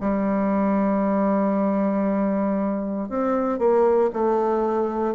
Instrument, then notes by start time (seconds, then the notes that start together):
bassoon
0.00 G3
3.09 C4
3.58 A#3
4.13 A3